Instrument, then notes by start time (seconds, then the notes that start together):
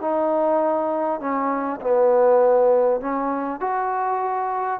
trombone
0.00 D#4
1.20 C#4
1.81 B3
3.00 C#4
3.60 F#4